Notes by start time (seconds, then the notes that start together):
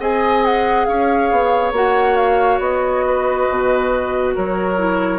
0.00 C4 G#4 D#5 G#5
0.45 F#5
0.85 C#4 C#5 F5
1.31 B3
1.72 A#3 F#4 F#5
2.16 F5
2.60 B3 D#5
3.06 B4
3.50 B2
4.36 F#3 A#4 C#5
4.78 E4